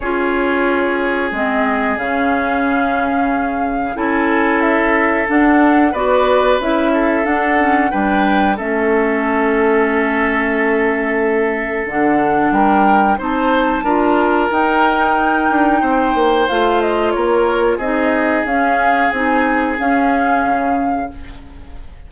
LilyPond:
<<
  \new Staff \with { instrumentName = "flute" } { \time 4/4 \tempo 4 = 91 cis''2 dis''4 f''4~ | f''2 gis''4 e''4 | fis''4 d''4 e''4 fis''4 | g''4 e''2.~ |
e''2 fis''4 g''4 | a''2 g''2~ | g''4 f''8 dis''8 cis''4 dis''4 | f''4 gis''4 f''2 | }
  \new Staff \with { instrumentName = "oboe" } { \time 4/4 gis'1~ | gis'2 a'2~ | a'4 b'4. a'4. | b'4 a'2.~ |
a'2. ais'4 | c''4 ais'2. | c''2 ais'4 gis'4~ | gis'1 | }
  \new Staff \with { instrumentName = "clarinet" } { \time 4/4 f'2 c'4 cis'4~ | cis'2 e'2 | d'4 fis'4 e'4 d'8 cis'8 | d'4 cis'2.~ |
cis'2 d'2 | dis'4 f'4 dis'2~ | dis'4 f'2 dis'4 | cis'4 dis'4 cis'2 | }
  \new Staff \with { instrumentName = "bassoon" } { \time 4/4 cis'2 gis4 cis4~ | cis2 cis'2 | d'4 b4 cis'4 d'4 | g4 a2.~ |
a2 d4 g4 | c'4 d'4 dis'4. d'8 | c'8 ais8 a4 ais4 c'4 | cis'4 c'4 cis'4 cis4 | }
>>